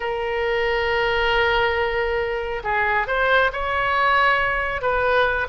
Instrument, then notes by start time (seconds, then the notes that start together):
oboe
0.00 A#4
2.63 G#4
3.07 C5
3.52 C#5
4.81 B4